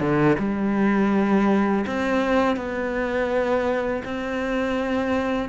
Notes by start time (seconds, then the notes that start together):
0.00 D3
0.39 G3
1.86 C4
2.56 B3
4.05 C4